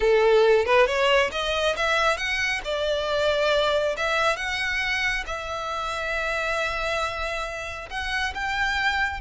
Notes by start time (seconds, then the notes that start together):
0.00 A4
0.65 B4
0.86 C#5
1.31 D#5
1.76 E5
2.17 F#5
2.64 D5
3.97 E5
4.36 F#5
5.26 E5
7.90 F#5
8.34 G5